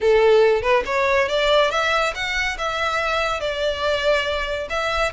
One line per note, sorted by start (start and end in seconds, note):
0.00 0.62 A4
0.62 0.83 B4
0.85 1.28 C#5
1.28 1.70 D5
1.70 2.13 E5
2.14 2.57 F#5
2.58 3.40 E5
3.40 4.68 D5
4.69 5.12 E5